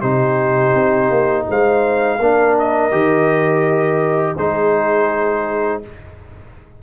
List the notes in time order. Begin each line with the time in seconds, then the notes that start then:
0.00 C3 D#4 G4 C5
0.74 C4
1.10 A#3
1.49 G#3 C5 F5
2.18 A#3 D4 A#4
2.59 D#5
2.91 D#3 G4
4.35 G#3 D#4 G#4 C5